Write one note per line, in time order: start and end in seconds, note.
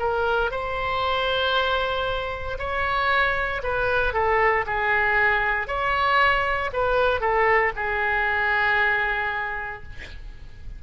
0.00 0.51 A#4
0.51 2.58 C5
2.59 3.63 C#5
3.63 4.14 B4
4.14 4.66 A4
4.67 5.68 G#4
5.68 6.71 C#5
6.73 7.21 B4
7.21 7.73 A4
7.76 9.83 G#4